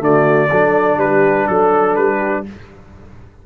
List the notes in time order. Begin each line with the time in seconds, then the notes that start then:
0.00 D3 A3 F#4 D5
0.50 F#3 D4 A4
0.97 G3 G4 B4
1.47 F#3 A4
1.96 G3 B4
2.18 G4